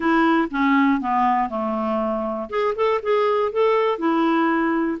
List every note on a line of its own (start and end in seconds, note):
0.00 0.48 E4
0.50 1.00 C#4
1.00 1.49 B3
1.49 2.49 A3
2.49 2.74 G#4
2.75 3.00 A4
3.02 3.52 G#4
3.52 3.98 A4
3.98 4.98 E4